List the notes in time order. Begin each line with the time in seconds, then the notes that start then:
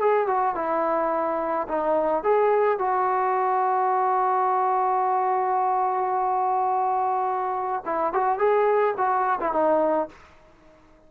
0.00 G#4
0.27 F#4
0.56 E4
1.69 D#4
2.24 G#4
2.79 F#4
7.86 E4
8.13 F#4
8.39 G#4
8.98 F#4
9.41 E4
9.53 D#4